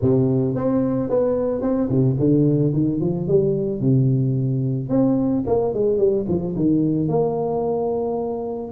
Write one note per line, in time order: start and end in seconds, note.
0.01 0.55 C3
0.55 1.09 C4
1.09 1.61 B3
1.61 1.88 C4
1.89 2.16 C3
2.19 2.73 D3
2.73 3.00 D#3
3.00 3.27 F3
3.27 3.80 G3
3.80 4.89 C3
4.89 5.43 C4
5.47 5.73 A#3
5.73 5.98 G#3
5.98 6.25 G3
6.28 6.55 F3
6.56 7.08 D#3
7.08 8.72 A#3